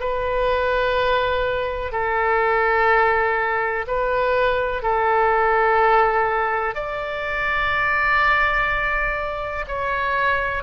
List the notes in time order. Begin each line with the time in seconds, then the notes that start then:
0.00 B4
1.92 A4
3.88 B4
4.83 A4
6.75 D5
9.68 C#5